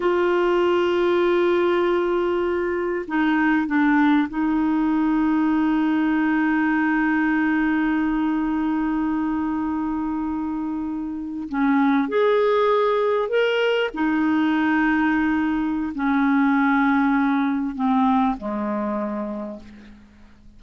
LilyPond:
\new Staff \with { instrumentName = "clarinet" } { \time 4/4 \tempo 4 = 98 f'1~ | f'4 dis'4 d'4 dis'4~ | dis'1~ | dis'1~ |
dis'2~ dis'8. cis'4 gis'16~ | gis'4.~ gis'16 ais'4 dis'4~ dis'16~ | dis'2 cis'2~ | cis'4 c'4 gis2 | }